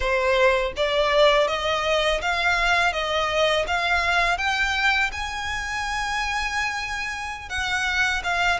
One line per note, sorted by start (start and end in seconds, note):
0.00 0.72 C5
0.76 1.47 D5
1.47 2.21 D#5
2.21 2.92 F5
2.92 3.66 D#5
3.67 4.37 F5
4.37 5.10 G5
5.12 7.49 G#5
7.49 8.22 F#5
8.23 8.60 F5